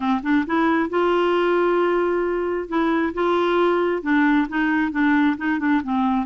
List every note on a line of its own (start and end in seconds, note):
0.00 0.21 C4
0.23 0.45 D4
0.46 0.89 E4
0.89 2.68 F4
2.68 3.13 E4
3.14 4.02 F4
4.02 4.47 D4
4.48 4.91 D#4
4.91 5.36 D4
5.37 5.59 D#4
5.59 5.81 D4
5.83 6.26 C4